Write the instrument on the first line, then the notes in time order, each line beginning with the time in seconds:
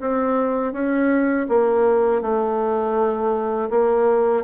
bassoon
0.00 C4
0.72 C#4
1.48 A#3
2.21 A3
3.69 A#3